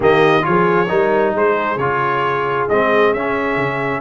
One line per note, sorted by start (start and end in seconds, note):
0.00 0.44 D#3
0.00 0.41 A#3
0.00 0.44 G4
0.00 0.45 D#5
0.41 0.86 F4
0.41 1.34 C#5
0.48 0.90 F3
0.48 0.88 G#4
0.88 1.34 G3
0.88 1.77 D#4
0.88 1.33 A#4
1.34 1.76 G#3
1.34 4.00 G#4
1.34 1.77 C5
1.76 2.66 C#3
1.76 2.70 F4
1.76 2.67 C#5
2.68 3.14 G#3
2.68 3.16 C4
2.68 3.13 D#5
3.13 3.55 C#4
3.13 4.00 C#4
3.13 4.00 E5
3.55 4.00 C#3